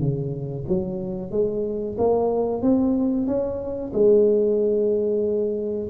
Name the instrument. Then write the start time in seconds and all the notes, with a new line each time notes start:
tuba
0.00 C#3
0.69 F#3
1.32 G#3
1.98 A#3
2.63 C4
3.27 C#4
3.94 G#3